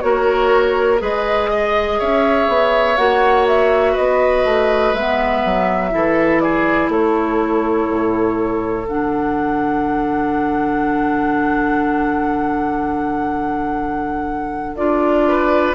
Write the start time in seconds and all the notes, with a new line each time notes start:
0.00 A#3 F#4 A#4 C#5
0.98 G#3 G#4 B4 D#5
1.50 D#5
1.99 C#4 C#5 E5
2.48 B3
2.97 A#3 F#4 F#5
3.47 E5
3.92 B3 B4 D#5
4.44 A3
4.93 G#3 B3 E5
5.45 F#3
5.90 E3 E4 A4
6.39 G#4 D5
6.88 A3 A4 C#5
7.89 A2
8.87 D3 D4 F#5
14.76 D4 F4 D5
15.27 B4